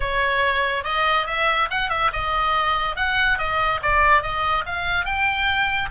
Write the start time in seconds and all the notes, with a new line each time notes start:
0.00 C#5
0.84 D#5
1.26 E5
1.70 F#5
1.89 E5
2.12 D#5
2.96 F#5
3.38 D#5
3.82 D5
4.22 D#5
4.66 F5
5.05 G5